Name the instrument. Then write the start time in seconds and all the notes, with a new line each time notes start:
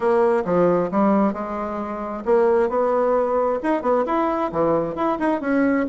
bassoon
0.00 A#3
0.44 F3
0.91 G3
1.33 G#3
2.25 A#3
2.69 B3
3.62 D#4
3.81 B3
4.06 E4
4.52 E3
4.95 E4
5.19 D#4
5.41 C#4